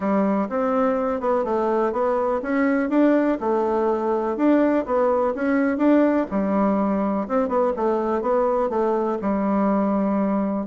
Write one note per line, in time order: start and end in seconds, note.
0.00 0.48 G3
0.49 1.20 C4
1.20 1.44 B3
1.44 1.92 A3
1.92 2.40 B3
2.42 2.89 C#4
2.89 3.38 D4
3.40 4.37 A3
4.37 4.85 D4
4.85 5.34 B3
5.34 5.77 C#4
5.77 6.26 D4
6.30 7.27 G3
7.28 7.48 C4
7.48 7.72 B3
7.76 8.21 A3
8.21 8.69 B3
8.69 9.18 A3
9.21 10.66 G3